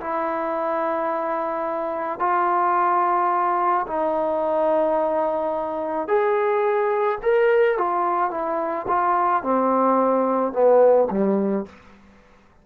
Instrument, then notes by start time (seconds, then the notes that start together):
trombone
0.00 E4
2.19 F4
3.87 D#4
6.07 G#4
7.22 A#4
7.78 F4
8.30 E4
8.88 F4
9.43 C4
10.52 B3
11.10 G3